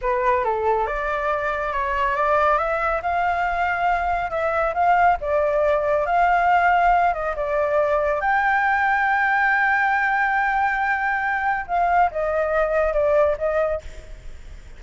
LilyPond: \new Staff \with { instrumentName = "flute" } { \time 4/4 \tempo 4 = 139 b'4 a'4 d''2 | cis''4 d''4 e''4 f''4~ | f''2 e''4 f''4 | d''2 f''2~ |
f''8 dis''8 d''2 g''4~ | g''1~ | g''2. f''4 | dis''2 d''4 dis''4 | }